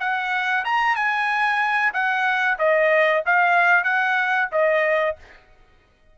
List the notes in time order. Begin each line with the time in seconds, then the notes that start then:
0.00 F#5
0.65 A#5
0.96 G#5
1.94 F#5
2.59 D#5
3.26 F5
3.84 F#5
4.52 D#5